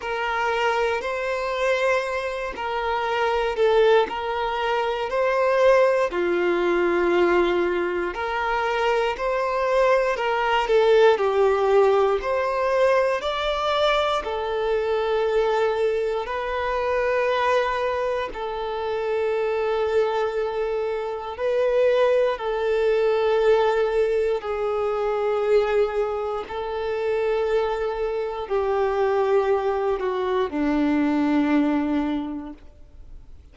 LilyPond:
\new Staff \with { instrumentName = "violin" } { \time 4/4 \tempo 4 = 59 ais'4 c''4. ais'4 a'8 | ais'4 c''4 f'2 | ais'4 c''4 ais'8 a'8 g'4 | c''4 d''4 a'2 |
b'2 a'2~ | a'4 b'4 a'2 | gis'2 a'2 | g'4. fis'8 d'2 | }